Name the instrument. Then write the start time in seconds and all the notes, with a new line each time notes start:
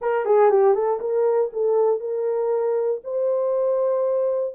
horn
0.01 A#4
0.25 G#4
0.50 G4
0.74 A4
1.00 A#4
1.52 A4
2.00 A#4
3.03 C5